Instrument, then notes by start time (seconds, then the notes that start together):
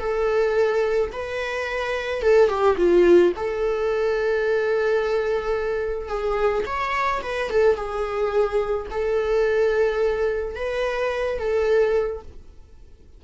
viola
0.00 A4
1.13 B4
2.22 A4
2.49 G4
2.77 F4
3.37 A4
6.09 G#4
6.66 C#5
7.22 B4
7.50 A4
7.76 G#4
8.91 A4
10.56 B4
11.39 A4